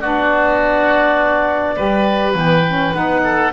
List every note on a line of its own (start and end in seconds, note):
0.00 1.77 B3
0.00 1.76 D4
0.00 1.75 F#4
0.00 2.33 D5
1.76 2.34 G3
1.76 2.34 G4
1.76 3.22 B4
2.34 2.93 E3
2.34 2.63 B3
2.34 2.94 G5
2.67 2.94 C#4
2.94 3.53 B3
2.94 3.52 D#4
2.94 3.52 F#5
3.24 3.53 A4